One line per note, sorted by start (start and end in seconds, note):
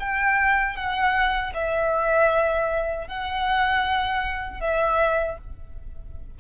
0.00 0.77 G5
0.77 1.53 F#5
1.55 3.08 E5
3.08 4.61 F#5
4.61 5.38 E5